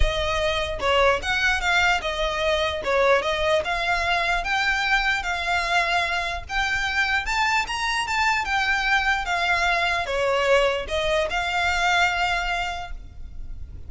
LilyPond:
\new Staff \with { instrumentName = "violin" } { \time 4/4 \tempo 4 = 149 dis''2 cis''4 fis''4 | f''4 dis''2 cis''4 | dis''4 f''2 g''4~ | g''4 f''2. |
g''2 a''4 ais''4 | a''4 g''2 f''4~ | f''4 cis''2 dis''4 | f''1 | }